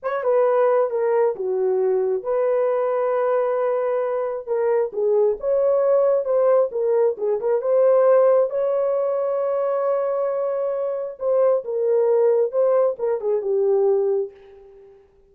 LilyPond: \new Staff \with { instrumentName = "horn" } { \time 4/4 \tempo 4 = 134 cis''8 b'4. ais'4 fis'4~ | fis'4 b'2.~ | b'2 ais'4 gis'4 | cis''2 c''4 ais'4 |
gis'8 ais'8 c''2 cis''4~ | cis''1~ | cis''4 c''4 ais'2 | c''4 ais'8 gis'8 g'2 | }